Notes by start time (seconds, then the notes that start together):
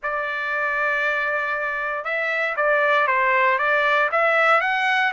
0.03 D5
2.04 E5
2.56 D5
3.07 C5
3.58 D5
4.11 E5
4.61 F#5